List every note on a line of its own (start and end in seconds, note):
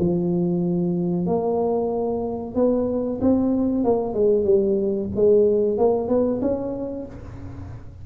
0.00 1.27 F3
1.27 2.56 A#3
2.56 3.20 B3
3.22 3.84 C4
3.84 4.14 A#3
4.14 4.45 G#3
4.45 5.10 G3
5.16 5.78 G#3
5.78 6.09 A#3
6.09 6.41 B3
6.42 7.06 C#4